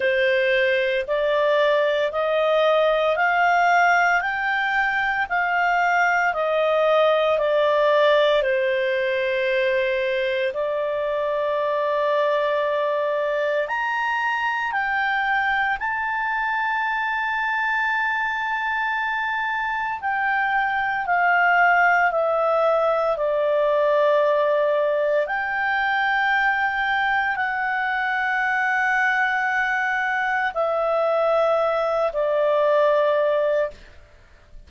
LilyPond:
\new Staff \with { instrumentName = "clarinet" } { \time 4/4 \tempo 4 = 57 c''4 d''4 dis''4 f''4 | g''4 f''4 dis''4 d''4 | c''2 d''2~ | d''4 ais''4 g''4 a''4~ |
a''2. g''4 | f''4 e''4 d''2 | g''2 fis''2~ | fis''4 e''4. d''4. | }